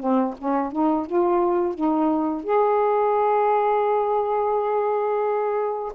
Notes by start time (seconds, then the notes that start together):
0.00 C4
0.38 C#4
0.72 D#4
1.07 F4
1.75 D#4
2.44 G#4